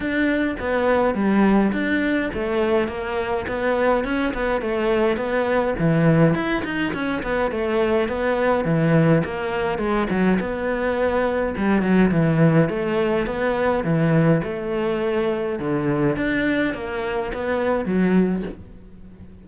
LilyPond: \new Staff \with { instrumentName = "cello" } { \time 4/4 \tempo 4 = 104 d'4 b4 g4 d'4 | a4 ais4 b4 cis'8 b8 | a4 b4 e4 e'8 dis'8 | cis'8 b8 a4 b4 e4 |
ais4 gis8 fis8 b2 | g8 fis8 e4 a4 b4 | e4 a2 d4 | d'4 ais4 b4 fis4 | }